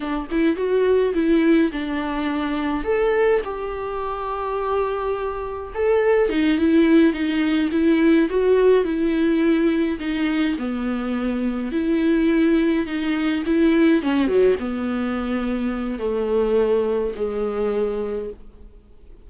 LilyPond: \new Staff \with { instrumentName = "viola" } { \time 4/4 \tempo 4 = 105 d'8 e'8 fis'4 e'4 d'4~ | d'4 a'4 g'2~ | g'2 a'4 dis'8 e'8~ | e'8 dis'4 e'4 fis'4 e'8~ |
e'4. dis'4 b4.~ | b8 e'2 dis'4 e'8~ | e'8 cis'8 fis8 b2~ b8 | a2 gis2 | }